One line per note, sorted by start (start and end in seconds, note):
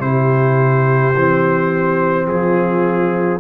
0.00 1.13 C3
0.00 1.14 E4
0.00 2.29 G4
0.00 2.28 C5
1.15 2.27 E3
1.15 3.40 C4
2.27 3.40 F3
2.27 3.40 F4
2.27 3.40 G#4